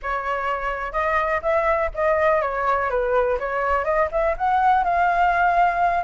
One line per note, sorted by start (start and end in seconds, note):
0.02 0.92 C#5
0.92 1.41 D#5
1.42 1.90 E5
1.94 2.41 D#5
2.41 2.89 C#5
2.90 3.38 B4
3.39 3.84 C#5
3.84 4.08 D#5
4.11 4.35 E5
4.37 4.83 F#5
4.83 6.03 F5